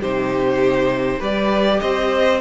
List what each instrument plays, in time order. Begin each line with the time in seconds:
0.00 cello C3, viola D#4, violin G4 C5
1.19 cello G3, viola G4, violin B4 D5
1.80 cello C4, violin C5 D#5